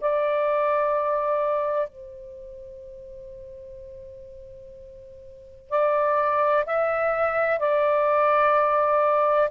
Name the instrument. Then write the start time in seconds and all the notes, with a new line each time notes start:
saxophone
0.00 D5
1.89 C5
5.70 D5
6.66 E5
7.59 D5